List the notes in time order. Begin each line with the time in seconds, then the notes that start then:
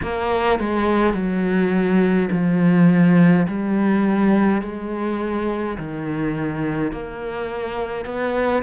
0.02 A#3
0.59 G#3
1.13 F#3
2.31 F3
3.47 G3
4.62 G#3
5.77 D#3
6.92 A#3
8.05 B3